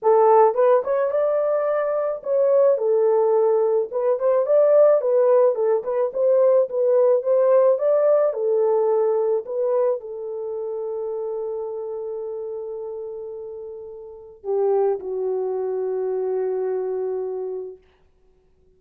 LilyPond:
\new Staff \with { instrumentName = "horn" } { \time 4/4 \tempo 4 = 108 a'4 b'8 cis''8 d''2 | cis''4 a'2 b'8 c''8 | d''4 b'4 a'8 b'8 c''4 | b'4 c''4 d''4 a'4~ |
a'4 b'4 a'2~ | a'1~ | a'2 g'4 fis'4~ | fis'1 | }